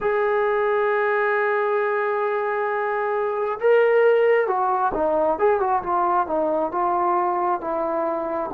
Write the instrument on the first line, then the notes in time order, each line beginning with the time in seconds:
trombone
0.00 G#4
3.59 A#4
4.47 F#4
4.94 D#4
5.39 G#4
5.60 F#4
5.82 F4
6.26 D#4
6.71 F4
7.60 E4